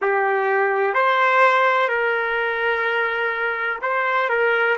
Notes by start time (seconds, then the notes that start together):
0.01 G4
0.94 C5
1.88 A#4
3.81 C5
4.29 A#4